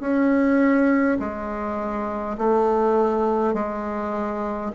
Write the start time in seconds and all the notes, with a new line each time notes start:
0.00 C#4
1.19 G#3
2.37 A3
3.54 G#3